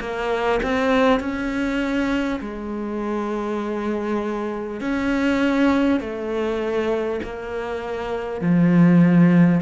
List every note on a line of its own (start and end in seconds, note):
0.00 0.60 A#3
0.62 1.19 C4
1.19 2.39 C#4
2.40 4.80 G#3
4.80 6.00 C#4
6.00 7.20 A3
7.23 8.41 A#3
8.41 9.61 F3